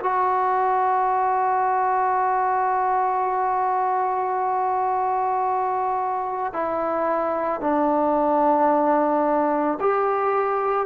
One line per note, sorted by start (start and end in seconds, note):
0.00 6.53 F#4
6.53 7.61 E4
7.61 9.79 D4
9.80 10.86 G4